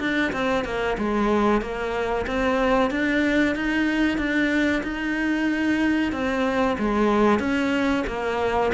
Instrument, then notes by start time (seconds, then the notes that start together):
cello
0.00 D4
0.33 C4
0.65 A#3
0.98 G#3
1.61 A#3
2.27 C4
2.91 D4
3.55 D#4
4.18 D4
4.83 D#4
6.13 C4
6.79 G#3
7.40 C#4
8.07 A#3